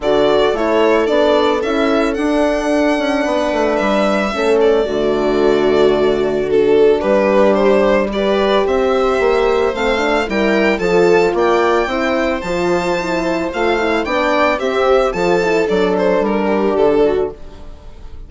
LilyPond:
<<
  \new Staff \with { instrumentName = "violin" } { \time 4/4 \tempo 4 = 111 d''4 cis''4 d''4 e''4 | fis''2. e''4~ | e''8 d''2.~ d''8 | a'4 b'4 c''4 d''4 |
e''2 f''4 g''4 | a''4 g''2 a''4~ | a''4 f''4 g''4 e''4 | a''4 d''8 c''8 ais'4 a'4 | }
  \new Staff \with { instrumentName = "viola" } { \time 4/4 a'1~ | a'2 b'2 | a'4 fis'2.~ | fis'4 g'2 b'4 |
c''2. ais'4 | a'4 d''4 c''2~ | c''2 d''4 g'4 | a'2~ a'8 g'4 fis'8 | }
  \new Staff \with { instrumentName = "horn" } { \time 4/4 fis'4 e'4 d'4 e'4 | d'1 | cis'4 a2. | d'2. g'4~ |
g'2 c'8 d'8 e'4 | f'2 e'4 f'4 | e'4 f'8 e'8 d'4 c'4 | f'8 e'8 d'2. | }
  \new Staff \with { instrumentName = "bassoon" } { \time 4/4 d4 a4 b4 cis'4 | d'4. cis'8 b8 a8 g4 | a4 d2.~ | d4 g2. |
c'4 ais4 a4 g4 | f4 ais4 c'4 f4~ | f4 a4 b4 c'4 | f4 fis4 g4 d4 | }
>>